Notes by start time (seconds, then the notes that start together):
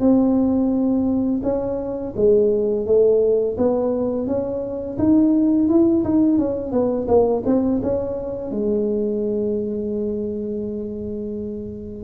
0.00 C4
1.43 C#4
2.16 G#3
2.86 A3
3.57 B3
4.27 C#4
4.98 D#4
5.69 E4
6.04 D#4
6.39 C#4
6.72 B3
7.07 A#3
7.46 C4
7.83 C#4
8.51 G#3